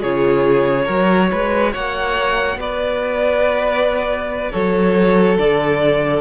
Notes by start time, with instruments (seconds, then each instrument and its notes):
0.00 cello C#3, viola F4, violin G#4 C#5
0.85 cello F#3, viola F#4, violin A#4
1.31 cello G#3, violin B4
1.72 cello A#3, violin C#5 F#5
2.56 cello B3, violin B4 D5
4.52 cello F#3, violin A4 C#5
5.38 cello D3, violin D5